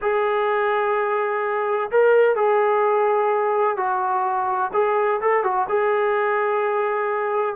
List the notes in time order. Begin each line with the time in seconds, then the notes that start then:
0.01 G#4
1.90 A#4
2.35 G#4
3.76 F#4
4.73 G#4
5.21 A4
5.43 F#4
5.68 G#4